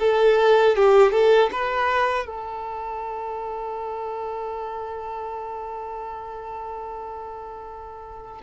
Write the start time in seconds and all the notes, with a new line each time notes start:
0.00 A4
0.76 G4
1.12 A4
1.52 B4
2.26 A4